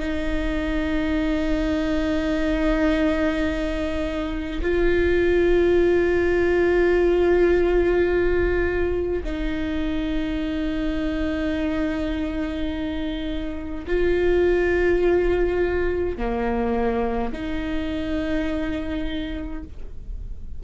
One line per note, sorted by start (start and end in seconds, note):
0.00 4.62 D#4
4.62 9.24 F4
9.24 13.86 D#4
13.87 16.17 F4
16.17 17.33 A#3
17.33 19.64 D#4